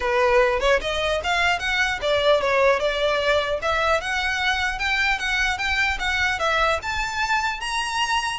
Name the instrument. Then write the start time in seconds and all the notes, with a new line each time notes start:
violin
0.00 B4
0.60 C#5
0.81 D#5
1.23 F5
1.59 F#5
2.01 D5
2.41 C#5
2.79 D5
3.61 E5
4.00 F#5
4.79 G5
5.19 F#5
5.57 G5
5.99 F#5
6.39 E5
6.82 A5
7.60 A#5